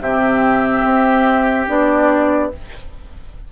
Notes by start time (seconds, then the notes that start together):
0.00 C3 C4 G4 E5
0.84 C4
1.67 B3 D4 D5